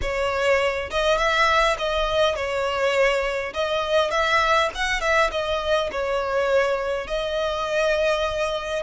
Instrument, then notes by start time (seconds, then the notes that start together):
violin
0.01 C#5
0.90 D#5
1.17 E5
1.78 D#5
2.35 C#5
3.53 D#5
4.10 E5
4.74 F#5
5.01 E5
5.31 D#5
5.91 C#5
7.07 D#5